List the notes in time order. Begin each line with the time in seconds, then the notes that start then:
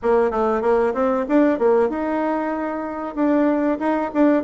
0.02 A#3
0.30 A3
0.61 A#3
0.94 C4
1.28 D4
1.58 A#3
1.89 D#4
3.15 D4
3.79 D#4
4.13 D4